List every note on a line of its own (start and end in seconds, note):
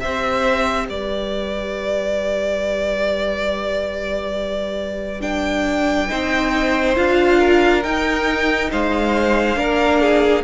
0.00 0.90 C4
0.00 5.21 G4
0.00 0.89 C5
0.00 0.87 E5
0.89 6.11 G3
0.89 6.10 B4
0.89 5.22 D5
5.21 6.08 D4
5.21 6.95 G5
6.09 6.98 C4
6.09 6.96 D#4
6.09 7.39 C5
6.96 7.85 D4
6.96 7.83 F4
6.96 7.83 F5
7.39 8.70 A#4
7.83 9.56 D#4
7.83 8.72 D#4
7.83 8.70 G5
8.72 9.57 G#3
8.72 9.58 C5
8.72 10.44 F5
9.56 10.44 A#3
9.56 10.43 D4
9.56 10.01 A#4
10.01 10.44 G#4